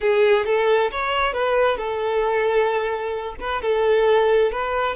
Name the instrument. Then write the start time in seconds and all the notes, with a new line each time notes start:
violin
0.00 G#4
0.45 A4
0.91 C#5
1.33 B4
1.77 A4
3.40 B4
3.62 A4
4.52 B4